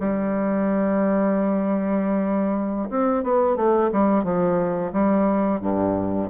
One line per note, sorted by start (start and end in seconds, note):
0.00 2.90 G3
2.90 3.23 C4
3.23 3.56 B3
3.56 3.90 A3
3.92 4.24 G3
4.24 4.92 F3
4.92 5.61 G3
5.61 6.29 G2